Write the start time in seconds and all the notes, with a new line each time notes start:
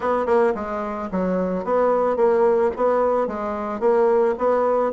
0.00 B3
0.26 A#3
0.55 G#3
1.11 F#3
1.64 B3
2.16 A#3
2.76 B3
3.27 G#3
3.80 A#3
4.38 B3